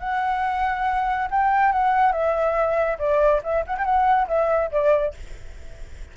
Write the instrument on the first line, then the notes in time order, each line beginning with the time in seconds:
flute
0.00 F#5
1.31 G5
1.72 F#5
2.13 E5
2.99 D5
3.44 E5
3.67 F#5
3.78 G5
3.85 F#5
4.28 E5
4.72 D5